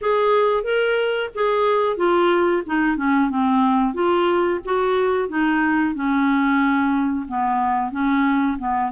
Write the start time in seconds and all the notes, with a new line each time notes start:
0.01 G#4
0.63 A#4
1.34 G#4
1.96 F4
2.66 D#4
2.97 C#4
3.30 C4
3.94 F4
4.65 F#4
5.29 D#4
5.94 C#4
7.27 B3
7.91 C#4
8.58 B3